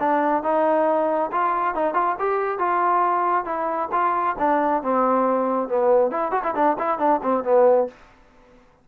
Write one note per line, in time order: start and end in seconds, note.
0.00 0.43 D4
0.43 1.31 D#4
1.32 1.75 F4
1.75 1.94 D#4
1.94 2.16 F4
2.19 2.59 G4
2.59 3.45 F4
3.45 3.89 E4
3.92 4.36 F4
4.39 4.83 D4
4.83 5.69 C4
5.69 6.11 B3
6.11 6.32 E4
6.32 6.43 F#4
6.44 6.55 E4
6.55 6.77 D4
6.79 6.99 E4
6.99 7.21 D4
7.23 7.44 C4
7.44 7.88 B3